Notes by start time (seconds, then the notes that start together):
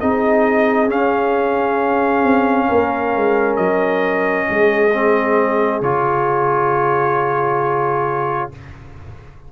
0.00 C4 D#4 G#4 D#5
0.88 C#4 F5
2.24 C4
2.68 A#3 A#4
3.16 G#3
3.57 F#3 D#5
4.49 G#3 G#4
4.94 C4
5.82 C#3 F4 C#5